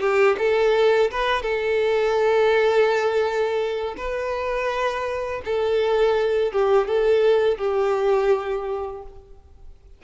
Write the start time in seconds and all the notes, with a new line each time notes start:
0.00 G4
0.38 A4
1.11 B4
1.42 A4
3.97 B4
5.45 A4
6.52 G4
6.87 A4
7.58 G4